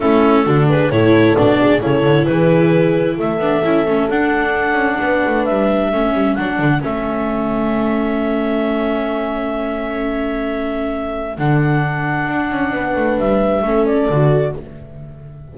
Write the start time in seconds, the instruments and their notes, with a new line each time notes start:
0.00 double bass A3, viola C#4, horn E4, clarinet A4
0.45 double bass D3, viola D4, horn F#4
0.69 horn G#4, clarinet B4
0.90 double bass A2, viola E4, horn A4, clarinet C#5
1.35 double bass B2, viola D4, clarinet D5
1.60 horn G#4
1.81 double bass C#3, viola E4, horn A4, clarinet C#5
2.04 double bass D3
2.25 double bass E3, horn G#4, clarinet B4
3.16 double bass A3, horn A4, clarinet E5
3.38 double bass B3, viola D4
3.63 double bass C#4, viola E4
3.86 double bass A3, viola C#4
4.09 double bass D4, viola D4, clarinet F#5
4.73 double bass C#4
5.00 double bass B3, horn B4
5.26 double bass A3
5.45 double bass G3, clarinet E5
5.89 double bass A3, viola C#4, horn A4
6.13 double bass G3
6.35 double bass F#3, viola D4, clarinet F#5
6.58 double bass D3
6.80 double bass A3, viola C#4, clarinet E5
11.38 double bass D3, viola D4, clarinet F#5
12.27 double bass D4
12.50 double bass C#4
12.71 double bass B3, horn B4
12.95 double bass A3
13.18 double bass G3, clarinet E5
13.62 double bass A3, viola C#4, horn A4
13.85 clarinet D5
14.09 double bass D3, viola F#4